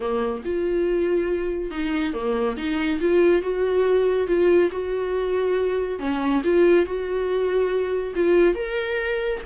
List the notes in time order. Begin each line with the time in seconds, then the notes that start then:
0.00 A#3
0.44 F4
1.70 D#4
2.13 A#3
2.56 D#4
3.00 F4
3.42 F#4
4.27 F4
4.71 F#4
5.99 C#4
6.44 F4
6.85 F#4
8.15 F4
8.54 A#4